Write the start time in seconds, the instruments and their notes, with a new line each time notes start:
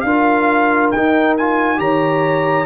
0.00 tuba D4, trombone F4, horn A#4, trumpet F5
0.91 tuba D#4, trombone D#4, trumpet G5
1.37 trombone F4, trumpet G#5
1.76 tuba D#3, trombone G4, horn C#5, trumpet A#5